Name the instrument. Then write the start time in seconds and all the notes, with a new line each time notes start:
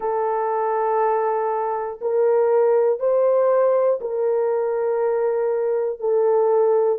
horn
0.00 A4
2.00 A#4
2.99 C5
4.00 A#4
6.00 A4